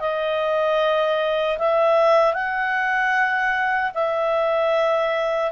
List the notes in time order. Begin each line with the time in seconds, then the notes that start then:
0.00 D#5
1.58 E5
2.34 F#5
3.94 E5